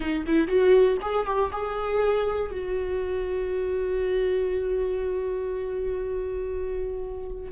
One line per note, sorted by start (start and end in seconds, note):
0.00 0.25 D#4
0.26 0.47 E4
0.47 0.97 F#4
1.01 1.26 G#4
1.26 1.51 G4
1.52 2.51 G#4
2.51 7.51 F#4